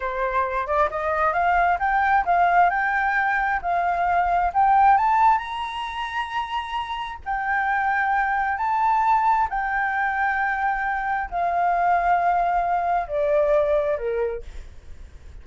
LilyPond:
\new Staff \with { instrumentName = "flute" } { \time 4/4 \tempo 4 = 133 c''4. d''8 dis''4 f''4 | g''4 f''4 g''2 | f''2 g''4 a''4 | ais''1 |
g''2. a''4~ | a''4 g''2.~ | g''4 f''2.~ | f''4 d''2 ais'4 | }